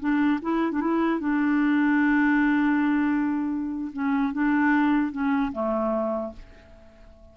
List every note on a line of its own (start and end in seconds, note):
0.00 0.40 D4
0.42 0.72 E4
0.72 0.81 D4
0.81 1.20 E4
1.20 3.92 D4
3.93 4.33 C#4
4.33 5.12 D4
5.12 5.52 C#4
5.53 6.33 A3